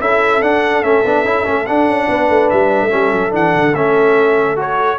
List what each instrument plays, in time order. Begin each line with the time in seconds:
0.00 tuba C#4, trombone E4, horn A4, trumpet E5
0.41 tuba D4, trombone D4, trumpet F#5
0.82 tuba A3, trombone C#4, trumpet E5
1.04 tuba B3, trombone D4
1.24 tuba C#4, trombone E4
1.44 tuba A3, trombone C#4
1.66 tuba D4, trombone D4, trumpet F#5
1.87 tuba C#4
2.08 tuba B3, horn B4
2.29 tuba A3
2.49 tuba G3, trumpet E5
2.81 tuba A3
2.89 tuba G3, trombone C#4, horn A4
3.12 tuba F#3
3.30 tuba E3, trombone D4, trumpet F#5
3.55 tuba D3
3.73 tuba A3, trombone C#4, trumpet E5
4.56 trombone F#4, trumpet C#5